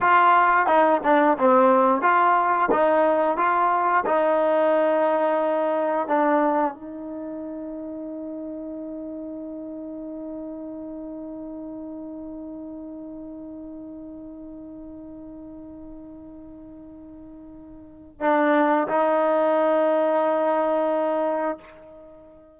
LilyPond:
\new Staff \with { instrumentName = "trombone" } { \time 4/4 \tempo 4 = 89 f'4 dis'8 d'8 c'4 f'4 | dis'4 f'4 dis'2~ | dis'4 d'4 dis'2~ | dis'1~ |
dis'1~ | dis'1~ | dis'2. d'4 | dis'1 | }